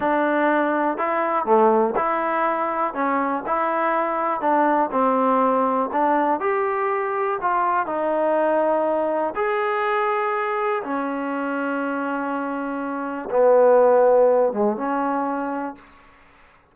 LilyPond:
\new Staff \with { instrumentName = "trombone" } { \time 4/4 \tempo 4 = 122 d'2 e'4 a4 | e'2 cis'4 e'4~ | e'4 d'4 c'2 | d'4 g'2 f'4 |
dis'2. gis'4~ | gis'2 cis'2~ | cis'2. b4~ | b4. gis8 cis'2 | }